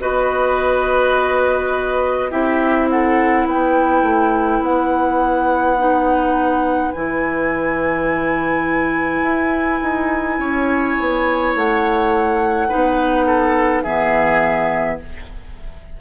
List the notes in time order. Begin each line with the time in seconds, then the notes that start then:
0.00 B3 F#4 B4 D#5
2.30 C4 E4 G4 E5
2.89 A4 F#5
3.46 B3 B4 G5
4.02 A3
4.60 B3 F#5
5.77 D#4
6.92 E3 E4 G#5
9.22 E4
9.82 D#4
10.39 C#4 C#5
11.00 B3
11.55 A3 F#5
12.68 B3 D#4 B4
13.26 A4
13.82 E3 B3 G#4 E5